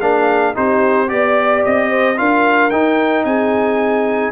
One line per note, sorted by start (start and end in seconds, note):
0.00 0.55 A#3
0.00 0.54 D4
0.00 0.54 G#4
0.00 0.54 F5
0.54 1.11 C4
0.54 1.07 D#4
0.54 1.09 G4
0.54 1.08 C5
1.07 1.65 B3
1.07 2.15 G4
1.07 1.62 D5
1.07 1.90 D5
1.64 2.19 C4
1.64 2.18 D#5
1.90 2.17 C5
2.16 2.71 D4
2.16 2.70 F4
2.16 3.26 A#4
2.16 2.70 F5
2.70 3.24 D#4
2.70 4.32 D#4
2.70 3.24 G5
3.24 4.32 C4
3.24 4.32 G#4
3.24 4.32 G#5